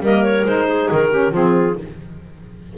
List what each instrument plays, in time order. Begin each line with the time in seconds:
0.00 double bass G3, saxophone A#3, clarinet A#4 D#5
0.24 clarinet C#5
0.45 double bass G#3, saxophone D#4, clarinet C5
0.68 clarinet G#4
0.92 double bass D#3, clarinet A#4
1.10 saxophone C#4, clarinet G4
1.32 double bass F3, saxophone C4, clarinet F4 G#4